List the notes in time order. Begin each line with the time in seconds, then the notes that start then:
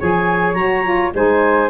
0.00 F3 G#4 C#5 G#5
0.54 F#3 F#4 A#5
0.84 F4
1.15 G#3 D#4 C5 G#5